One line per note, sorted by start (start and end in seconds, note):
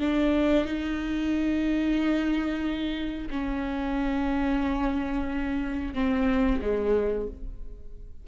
0.00 0.65 D4
0.65 3.29 D#4
3.31 5.94 C#4
5.95 6.61 C4
6.61 7.27 G#3